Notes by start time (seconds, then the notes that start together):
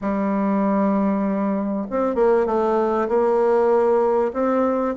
0.01 G3
1.90 C4
2.15 A#3
2.46 A3
3.08 A#3
4.33 C4